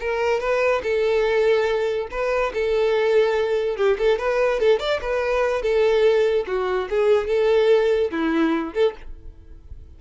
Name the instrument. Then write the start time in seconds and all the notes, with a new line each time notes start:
violin
0.00 A#4
0.40 B4
0.83 A4
2.11 B4
2.54 A4
3.77 G4
3.98 A4
4.19 B4
4.59 A4
4.79 D5
5.01 B4
5.62 A4
6.47 F#4
6.90 G#4
7.27 A4
8.11 E4
8.74 A4